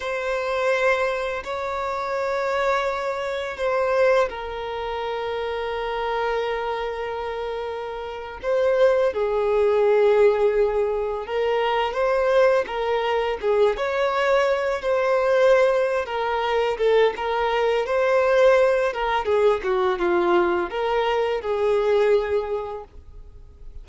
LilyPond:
\new Staff \with { instrumentName = "violin" } { \time 4/4 \tempo 4 = 84 c''2 cis''2~ | cis''4 c''4 ais'2~ | ais'2.~ ais'8. c''16~ | c''8. gis'2. ais'16~ |
ais'8. c''4 ais'4 gis'8 cis''8.~ | cis''8. c''4.~ c''16 ais'4 a'8 | ais'4 c''4. ais'8 gis'8 fis'8 | f'4 ais'4 gis'2 | }